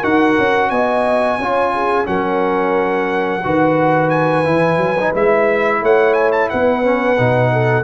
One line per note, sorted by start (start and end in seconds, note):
0.00 0.37 D#4
0.00 1.39 F#4
0.00 0.68 A#4
0.00 0.70 F#5
0.38 0.71 C#4
0.70 1.38 B3
0.70 1.39 D#5
0.70 2.06 G#5
1.38 2.06 C#4
1.38 2.05 F4
1.38 1.74 C#5
1.74 2.08 G#4
2.05 3.44 F#3
2.05 3.41 C#4
2.05 3.44 A#4
2.05 4.10 F#5
3.44 4.46 D#3
3.44 4.45 F#4
3.44 5.82 B4
4.10 5.12 G#5
4.45 4.77 E3
4.45 4.96 E4
4.77 5.11 F#3
5.00 5.14 D#4
5.14 5.82 G#3
5.14 6.82 E4
5.14 5.84 E5
5.82 6.50 A3
5.82 6.50 C#5
5.82 6.13 F#5
6.13 6.30 G#5
6.32 6.49 A5
6.49 7.19 B3
6.49 7.52 B4
6.49 7.84 F#5
6.82 7.16 C#4
7.18 7.84 B2
7.18 7.84 D#4
7.52 7.84 A4